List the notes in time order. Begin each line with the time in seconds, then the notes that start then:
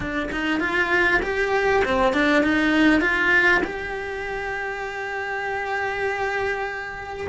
0.00 D4
0.31 D#4
0.60 F4
1.22 G4
1.85 C4
2.13 D4
2.43 D#4
3.00 F4
3.64 G4